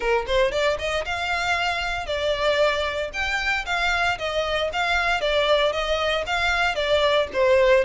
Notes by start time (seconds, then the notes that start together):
0.00 A#4
0.27 C5
0.51 D5
0.78 D#5
1.05 F5
2.06 D5
3.13 G5
3.65 F5
4.18 D#5
4.72 F5
5.21 D5
5.72 D#5
6.26 F5
6.75 D5
7.33 C5